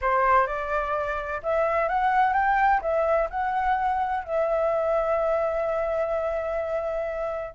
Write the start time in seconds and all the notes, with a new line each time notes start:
0.01 C5
0.46 D5
1.42 E5
1.88 F#5
2.33 G5
2.81 E5
3.30 F#5
4.24 E5